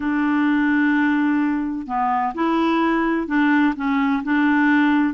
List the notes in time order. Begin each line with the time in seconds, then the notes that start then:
0.00 D4
1.86 B3
2.34 E4
3.27 D4
3.75 C#4
4.23 D4